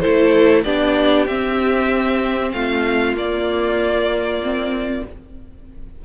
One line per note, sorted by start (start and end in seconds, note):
0.00 0.65 E4
0.00 0.64 A4
0.00 0.62 C5
0.07 0.65 A3
0.64 1.28 B3
0.64 1.28 D4
0.64 2.52 G4
0.64 1.26 D5
1.27 2.53 C4
1.27 3.16 C4
1.27 2.52 E5
2.53 3.14 A3
2.53 5.05 F4
2.53 3.15 F5
3.14 5.01 A#3
3.14 4.42 A#3
3.14 5.05 D5
4.43 5.06 C4